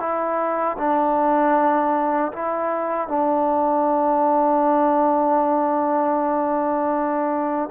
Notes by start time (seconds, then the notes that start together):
0.00 E4
0.78 D4
2.33 E4
3.08 D4